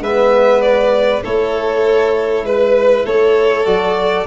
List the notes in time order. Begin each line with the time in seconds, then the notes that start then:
0.00 G#3 B3 B4 E5
0.61 D5
1.23 A3 E4 A4 C#5
2.43 G#3 B4
3.05 A3 A4 C#5
3.65 F#3 F#4 D5